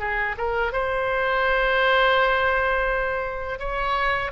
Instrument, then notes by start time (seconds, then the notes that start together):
oboe
0.00 G#4
0.38 A#4
0.73 C5
3.60 C#5